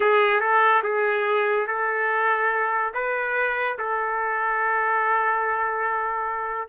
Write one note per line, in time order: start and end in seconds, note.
0.00 0.40 G#4
0.40 0.82 A4
0.83 1.67 G#4
1.67 2.93 A4
2.94 3.78 B4
3.78 6.68 A4